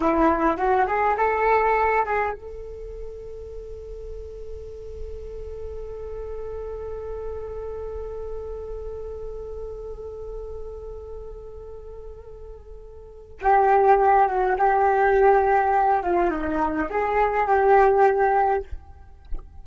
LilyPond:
\new Staff \with { instrumentName = "flute" } { \time 4/4 \tempo 4 = 103 e'4 fis'8 gis'8 a'4. gis'8 | a'1~ | a'1~ | a'1~ |
a'1~ | a'2. g'4~ | g'8 fis'8 g'2~ g'8 f'8 | dis'4 gis'4 g'2 | }